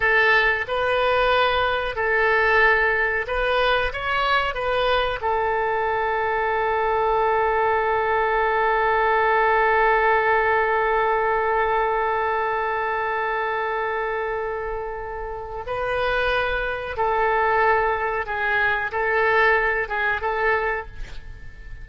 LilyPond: \new Staff \with { instrumentName = "oboe" } { \time 4/4 \tempo 4 = 92 a'4 b'2 a'4~ | a'4 b'4 cis''4 b'4 | a'1~ | a'1~ |
a'1~ | a'1 | b'2 a'2 | gis'4 a'4. gis'8 a'4 | }